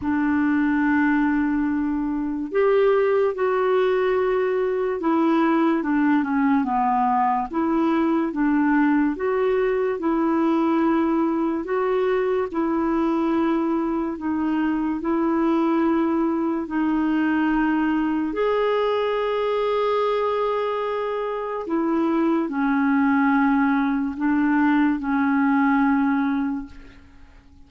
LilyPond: \new Staff \with { instrumentName = "clarinet" } { \time 4/4 \tempo 4 = 72 d'2. g'4 | fis'2 e'4 d'8 cis'8 | b4 e'4 d'4 fis'4 | e'2 fis'4 e'4~ |
e'4 dis'4 e'2 | dis'2 gis'2~ | gis'2 e'4 cis'4~ | cis'4 d'4 cis'2 | }